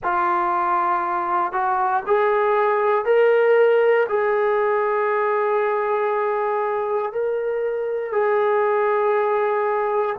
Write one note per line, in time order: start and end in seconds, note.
0.03 1.52 F4
1.52 2.03 F#4
2.06 3.05 G#4
3.05 4.06 A#4
4.09 7.12 G#4
7.12 8.12 A#4
8.12 10.16 G#4